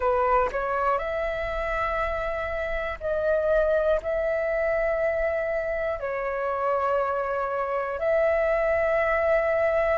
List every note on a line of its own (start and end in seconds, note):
0.00 0.49 B4
0.51 0.98 C#5
0.98 2.98 E5
3.00 4.00 D#5
4.02 5.99 E5
5.99 7.99 C#5
7.99 9.98 E5